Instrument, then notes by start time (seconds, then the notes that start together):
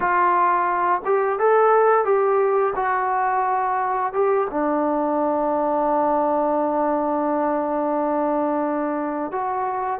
trombone
0.00 F4
1.05 G4
1.39 A4
2.04 G4
2.75 F#4
4.13 G4
4.50 D4
9.31 F#4